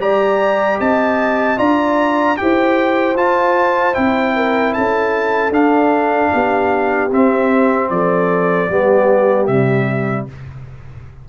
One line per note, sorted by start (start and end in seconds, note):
0.00 0.79 G3
0.00 1.58 G4
0.00 0.80 D5
0.00 0.80 A#5
0.80 1.59 C4
0.80 1.58 D#5
0.80 1.59 A5
1.58 2.38 D4
1.58 2.37 F4
1.58 2.37 D5
1.58 2.37 A#5
2.37 3.16 E4
2.37 3.16 G4
2.37 4.36 C5
2.37 3.16 G5
3.16 3.95 F4
3.16 3.94 F4
3.16 3.95 A5
3.94 4.76 C4
3.94 5.52 E4
3.94 4.74 G5
4.36 4.74 A#4
4.74 5.51 C#4
4.74 6.32 A4
4.74 5.53 A5
5.51 6.30 D4
5.51 7.10 D4
5.51 7.12 F5
6.33 7.12 B3
6.33 7.91 G4
7.12 7.90 C4
7.12 8.71 C4
7.12 7.90 E5
7.90 8.69 F3
7.90 8.71 A4
7.90 9.47 D5
8.69 9.48 G3
8.69 9.50 B3
8.69 10.29 G4
9.47 10.27 C3
9.47 10.29 G3
9.47 10.26 E5